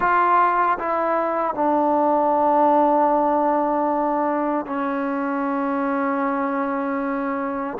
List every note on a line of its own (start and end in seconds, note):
0.00 0.78 F4
0.78 1.54 E4
1.54 4.65 D4
4.66 7.77 C#4